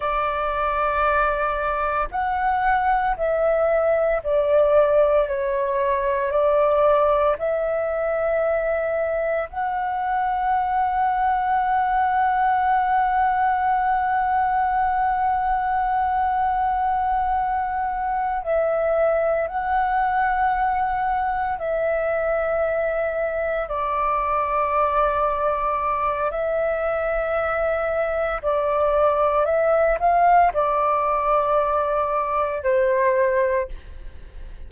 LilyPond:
\new Staff \with { instrumentName = "flute" } { \time 4/4 \tempo 4 = 57 d''2 fis''4 e''4 | d''4 cis''4 d''4 e''4~ | e''4 fis''2.~ | fis''1~ |
fis''4. e''4 fis''4.~ | fis''8 e''2 d''4.~ | d''4 e''2 d''4 | e''8 f''8 d''2 c''4 | }